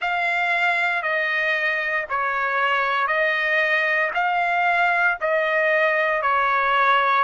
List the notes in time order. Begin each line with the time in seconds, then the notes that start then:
0.00 F5
1.02 D#5
2.09 C#5
3.07 D#5
4.14 F5
5.20 D#5
6.22 C#5